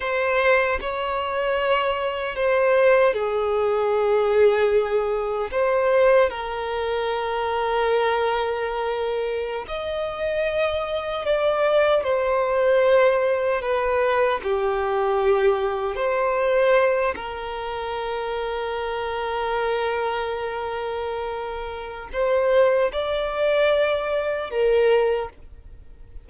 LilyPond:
\new Staff \with { instrumentName = "violin" } { \time 4/4 \tempo 4 = 76 c''4 cis''2 c''4 | gis'2. c''4 | ais'1~ | ais'16 dis''2 d''4 c''8.~ |
c''4~ c''16 b'4 g'4.~ g'16~ | g'16 c''4. ais'2~ ais'16~ | ais'1 | c''4 d''2 ais'4 | }